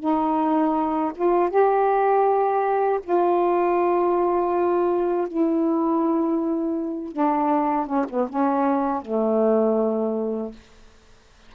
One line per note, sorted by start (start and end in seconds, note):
0.00 1.12 D#4
1.16 1.50 F4
1.50 3.00 G4
3.03 5.28 F4
5.28 7.12 E4
7.12 7.87 D4
7.87 8.06 C#4
8.10 8.29 B3
8.30 9.02 C#4
9.02 10.52 A3